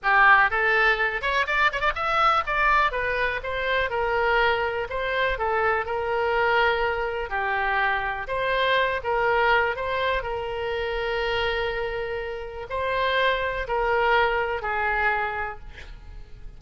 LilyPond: \new Staff \with { instrumentName = "oboe" } { \time 4/4 \tempo 4 = 123 g'4 a'4. cis''8 d''8 cis''16 d''16 | e''4 d''4 b'4 c''4 | ais'2 c''4 a'4 | ais'2. g'4~ |
g'4 c''4. ais'4. | c''4 ais'2.~ | ais'2 c''2 | ais'2 gis'2 | }